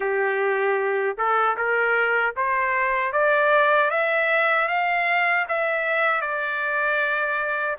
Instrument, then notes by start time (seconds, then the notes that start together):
trumpet
0.00 G4
1.17 A4
1.56 A#4
2.36 C5
3.12 D5
3.90 E5
4.68 F5
5.48 E5
6.21 D5